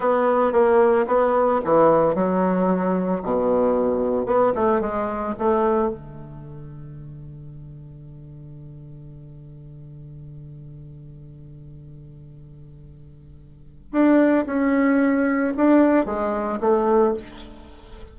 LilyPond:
\new Staff \with { instrumentName = "bassoon" } { \time 4/4 \tempo 4 = 112 b4 ais4 b4 e4 | fis2 b,2 | b8 a8 gis4 a4 d4~ | d1~ |
d1~ | d1~ | d2 d'4 cis'4~ | cis'4 d'4 gis4 a4 | }